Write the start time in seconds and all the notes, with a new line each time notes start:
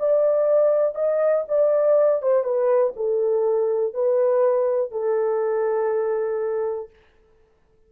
0.00 D5
0.96 D#5
1.49 D5
2.23 C5
2.44 B4
2.97 A4
3.94 B4
4.92 A4